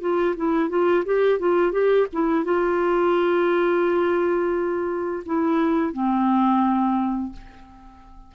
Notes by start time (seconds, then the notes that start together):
0.00 F4
0.36 E4
0.69 F4
1.05 G4
1.39 F4
1.72 G4
2.12 E4
2.44 F4
5.25 E4
5.93 C4